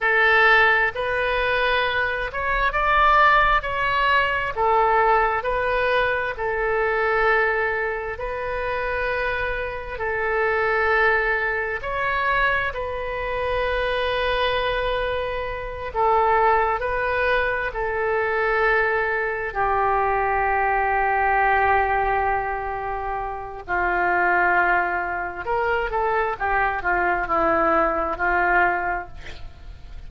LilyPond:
\new Staff \with { instrumentName = "oboe" } { \time 4/4 \tempo 4 = 66 a'4 b'4. cis''8 d''4 | cis''4 a'4 b'4 a'4~ | a'4 b'2 a'4~ | a'4 cis''4 b'2~ |
b'4. a'4 b'4 a'8~ | a'4. g'2~ g'8~ | g'2 f'2 | ais'8 a'8 g'8 f'8 e'4 f'4 | }